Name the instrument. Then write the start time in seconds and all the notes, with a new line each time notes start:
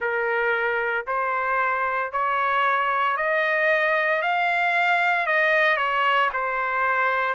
trumpet
0.00 A#4
1.07 C5
2.11 C#5
3.16 D#5
4.22 F5
5.26 D#5
5.77 C#5
6.33 C5